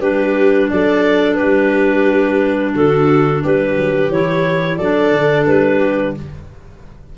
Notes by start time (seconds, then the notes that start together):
0.00 G3 D4 G4 B4
0.70 F#3 A4 D5
1.35 G3 G4 B4
2.75 D3 F#4 A4
3.44 G3 G4 B4
3.77 F#3
4.10 E3 E4 C#5
4.77 F#3 D4 A4 D5
5.12 D3
5.46 G3 B4
5.79 G4